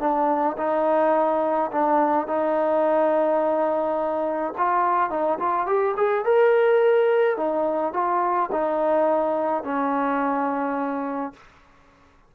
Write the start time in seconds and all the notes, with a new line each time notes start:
0.00 D4
0.58 D#4
1.72 D4
2.27 D#4
4.58 F4
5.10 D#4
5.40 F4
5.67 G4
5.97 G#4
6.25 A#4
7.37 D#4
7.94 F4
8.52 D#4
9.64 C#4